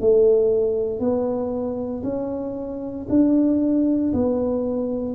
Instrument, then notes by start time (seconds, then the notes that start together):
tuba
0.00 A3
0.99 B3
2.03 C#4
3.09 D4
4.13 B3